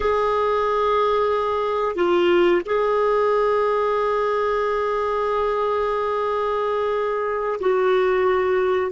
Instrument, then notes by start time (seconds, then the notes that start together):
clarinet
0.00 G#4
1.95 F4
2.65 G#4
7.60 F#4